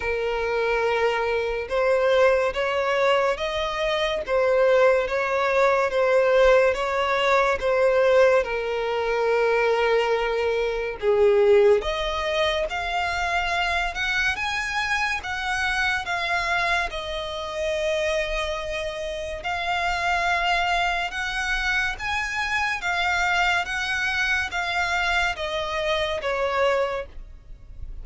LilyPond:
\new Staff \with { instrumentName = "violin" } { \time 4/4 \tempo 4 = 71 ais'2 c''4 cis''4 | dis''4 c''4 cis''4 c''4 | cis''4 c''4 ais'2~ | ais'4 gis'4 dis''4 f''4~ |
f''8 fis''8 gis''4 fis''4 f''4 | dis''2. f''4~ | f''4 fis''4 gis''4 f''4 | fis''4 f''4 dis''4 cis''4 | }